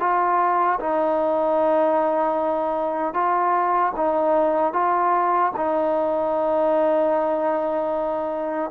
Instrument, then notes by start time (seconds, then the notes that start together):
trombone
0.00 F4
0.80 D#4
3.14 F4
3.96 D#4
4.73 F4
5.56 D#4